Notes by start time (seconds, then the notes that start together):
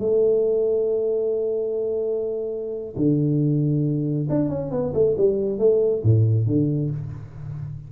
0.00 A3
2.97 D3
4.30 D4
4.50 C#4
4.72 B3
4.94 A3
5.18 G3
5.59 A3
6.04 A2
6.47 D3